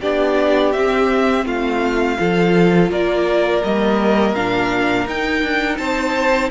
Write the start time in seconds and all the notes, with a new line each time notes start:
0.00 B3 D4 G4 D5
0.72 C4 E5
1.45 A3 F4 F5
2.18 F3 F4 A4
2.91 A#3 A#4 D5
3.63 G3 A#3 D#5
4.33 A#2 D4 F5
5.06 D#4 G5
5.42 D4
5.77 C4 C5 A5